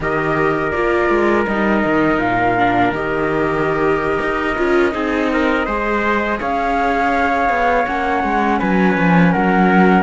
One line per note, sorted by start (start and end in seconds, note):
0.00 0.72 D#3
0.00 0.74 G4
0.00 4.93 A#4
0.00 0.70 D#5
0.70 1.09 A#3
0.70 1.47 F4
0.70 1.43 D5
1.09 1.46 G#3
1.46 1.84 G3
1.46 2.58 D#4
1.46 2.19 D#5
1.84 2.18 D#3
2.18 2.91 A#2
2.18 2.92 F5
2.58 2.94 D4
2.91 4.19 D#3
2.91 4.57 G4
2.91 6.40 D#5
4.20 4.57 D#4
4.57 4.94 C#4
4.57 4.91 F4
4.91 5.66 C4
4.91 5.64 D#4
4.91 5.30 G#4
5.32 5.65 A#4
5.65 6.39 G#3
5.65 7.86 G#4
5.65 6.38 C5
6.40 7.49 C#4
6.40 8.59 C#5
6.40 7.86 F5
7.49 7.85 B3
7.86 8.23 A#3
7.86 10.03 C#4
7.86 8.59 F#5
8.23 8.60 G#3
8.59 8.97 F#3
8.59 9.32 B4
8.59 9.32 G#5
8.97 9.34 F3
9.32 10.03 F#3
9.32 10.03 A#4
9.32 10.03 F#5